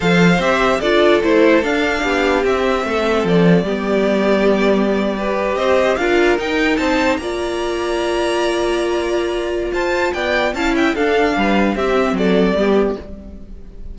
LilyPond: <<
  \new Staff \with { instrumentName = "violin" } { \time 4/4 \tempo 4 = 148 f''4 e''4 d''4 c''4 | f''2 e''2 | d''1~ | d''4.~ d''16 dis''4 f''4 g''16~ |
g''8. a''4 ais''2~ ais''16~ | ais''1 | a''4 g''4 a''8 g''8 f''4~ | f''4 e''4 d''2 | }
  \new Staff \with { instrumentName = "violin" } { \time 4/4 c''2 a'2~ | a'4 g'2 a'4~ | a'4 g'2.~ | g'8. b'4 c''4 ais'4~ ais'16~ |
ais'8. c''4 d''2~ d''16~ | d''1 | c''4 d''4 f''8 e''8 a'4 | b'4 g'4 a'4 g'4 | }
  \new Staff \with { instrumentName = "viola" } { \time 4/4 a'4 g'4 f'4 e'4 | d'2 c'2~ | c'4 b2.~ | b8. g'2 f'4 dis'16~ |
dis'4.~ dis'16 f'2~ f'16~ | f'1~ | f'2 e'4 d'4~ | d'4 c'2 b4 | }
  \new Staff \with { instrumentName = "cello" } { \time 4/4 f4 c'4 d'4 a4 | d'4 b4 c'4 a4 | f4 g2.~ | g4.~ g16 c'4 d'4 dis'16~ |
dis'8. c'4 ais2~ ais16~ | ais1 | f'4 b4 cis'4 d'4 | g4 c'4 fis4 g4 | }
>>